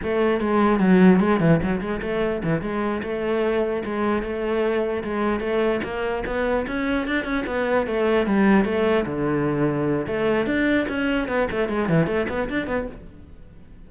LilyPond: \new Staff \with { instrumentName = "cello" } { \time 4/4 \tempo 4 = 149 a4 gis4 fis4 gis8 e8 | fis8 gis8 a4 e8 gis4 a8~ | a4. gis4 a4.~ | a8 gis4 a4 ais4 b8~ |
b8 cis'4 d'8 cis'8 b4 a8~ | a8 g4 a4 d4.~ | d4 a4 d'4 cis'4 | b8 a8 gis8 e8 a8 b8 d'8 b8 | }